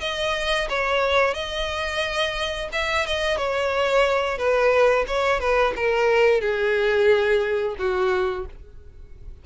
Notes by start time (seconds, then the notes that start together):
0.00 D#5
0.69 C#5
1.34 D#5
2.72 E5
3.06 D#5
3.37 C#5
4.37 B4
5.07 C#5
5.40 B4
5.76 A#4
6.40 G#4
7.78 F#4